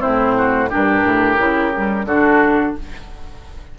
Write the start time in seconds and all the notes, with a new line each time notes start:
0.00 A2 C4 E4 C5
0.38 F#4
0.69 G2 D4 G4 A#4
1.05 A2
1.38 C#3 E4
1.74 G3
2.05 D3 D4 F#4 A4